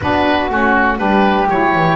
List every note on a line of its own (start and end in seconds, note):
0.01 0.50 B3
0.01 0.49 D4
0.01 1.00 F#4
0.01 0.51 B4
0.49 0.98 A3
0.49 0.97 C#4
0.49 0.98 F#4
0.97 1.48 G3
0.97 1.47 D4
0.97 1.96 G4
0.97 1.48 B4
1.49 1.74 F#3
1.49 1.96 E4
1.49 1.96 C#5
1.75 1.96 E3